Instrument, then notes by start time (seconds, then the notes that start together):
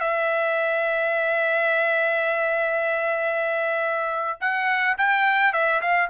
trumpet
0.00 E5
4.40 F#5
4.98 G5
5.52 E5
5.81 F5